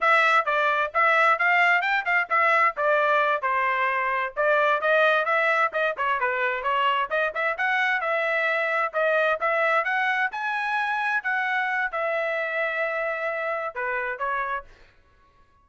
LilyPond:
\new Staff \with { instrumentName = "trumpet" } { \time 4/4 \tempo 4 = 131 e''4 d''4 e''4 f''4 | g''8 f''8 e''4 d''4. c''8~ | c''4. d''4 dis''4 e''8~ | e''8 dis''8 cis''8 b'4 cis''4 dis''8 |
e''8 fis''4 e''2 dis''8~ | dis''8 e''4 fis''4 gis''4.~ | gis''8 fis''4. e''2~ | e''2 b'4 cis''4 | }